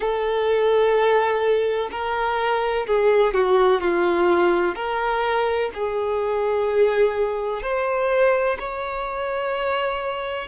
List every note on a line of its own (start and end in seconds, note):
0.00 1.89 A4
1.91 2.86 A#4
2.86 3.34 G#4
3.34 3.81 F#4
3.81 4.74 F4
4.74 5.70 A#4
5.74 7.62 G#4
7.62 8.57 C5
8.59 10.47 C#5